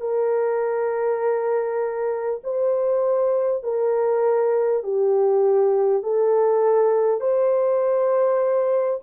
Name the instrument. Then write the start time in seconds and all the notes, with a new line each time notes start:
horn
0.00 A#4
2.43 C5
3.63 A#4
4.83 G4
6.02 A4
7.20 C5